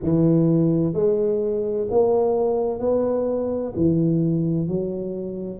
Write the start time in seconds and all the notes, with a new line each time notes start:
0.03 E3
0.93 G#3
1.90 A#3
2.79 B3
3.76 E3
4.68 F#3